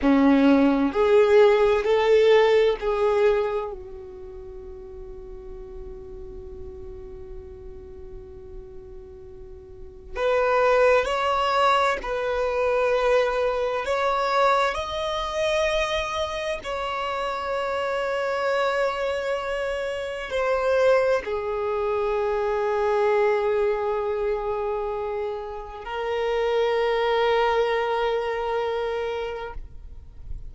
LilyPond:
\new Staff \with { instrumentName = "violin" } { \time 4/4 \tempo 4 = 65 cis'4 gis'4 a'4 gis'4 | fis'1~ | fis'2. b'4 | cis''4 b'2 cis''4 |
dis''2 cis''2~ | cis''2 c''4 gis'4~ | gis'1 | ais'1 | }